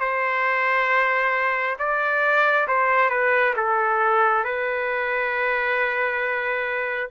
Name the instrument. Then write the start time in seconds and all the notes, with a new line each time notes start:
trumpet
0.00 C5
1.78 D5
2.68 C5
3.10 B4
3.57 A4
4.44 B4